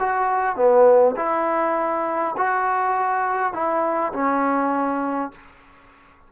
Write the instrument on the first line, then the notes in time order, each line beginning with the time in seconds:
trombone
0.00 F#4
0.56 B3
1.17 E4
2.38 F#4
3.53 E4
4.13 C#4